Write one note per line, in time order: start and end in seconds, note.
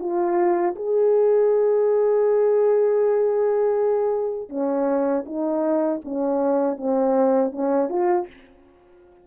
0.00 0.75 F4
0.76 4.50 G#4
4.50 5.25 C#4
5.26 6.01 D#4
6.04 6.78 C#4
6.78 7.52 C4
7.52 7.90 C#4
7.90 8.27 F4